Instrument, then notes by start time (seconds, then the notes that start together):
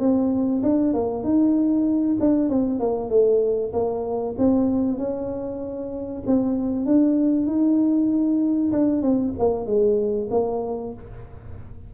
tuba
0.00 C4
0.63 D4
0.94 A#3
1.24 D#4
2.20 D4
2.50 C4
2.80 A#3
3.10 A3
3.74 A#3
4.39 C4
4.98 C#4
6.27 C4
6.86 D4
7.47 D#4
8.72 D4
9.02 C4
9.39 A#3
9.66 G#3
10.31 A#3